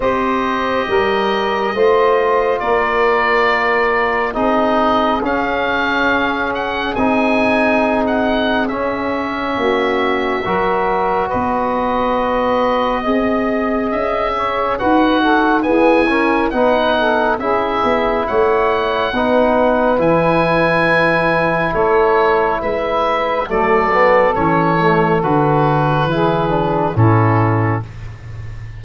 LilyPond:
<<
  \new Staff \with { instrumentName = "oboe" } { \time 4/4 \tempo 4 = 69 dis''2. d''4~ | d''4 dis''4 f''4. fis''8 | gis''4~ gis''16 fis''8. e''2~ | e''4 dis''2. |
e''4 fis''4 gis''4 fis''4 | e''4 fis''2 gis''4~ | gis''4 cis''4 e''4 d''4 | cis''4 b'2 a'4 | }
  \new Staff \with { instrumentName = "saxophone" } { \time 4/4 c''4 ais'4 c''4 ais'4~ | ais'4 gis'2.~ | gis'2. fis'4 | ais'4 b'2 dis''4~ |
dis''8 cis''8 b'8 a'8 gis'8 ais'8 b'8 a'8 | gis'4 cis''4 b'2~ | b'4 a'4 b'4 a'4~ | a'2 gis'4 e'4 | }
  \new Staff \with { instrumentName = "trombone" } { \time 4/4 g'2 f'2~ | f'4 dis'4 cis'2 | dis'2 cis'2 | fis'2. gis'4~ |
gis'4 fis'4 b8 cis'8 dis'4 | e'2 dis'4 e'4~ | e'2. a8 b8 | cis'8 a8 fis'4 e'8 d'8 cis'4 | }
  \new Staff \with { instrumentName = "tuba" } { \time 4/4 c'4 g4 a4 ais4~ | ais4 c'4 cis'2 | c'2 cis'4 ais4 | fis4 b2 c'4 |
cis'4 dis'4 e'4 b4 | cis'8 b8 a4 b4 e4~ | e4 a4 gis4 fis4 | e4 d4 e4 a,4 | }
>>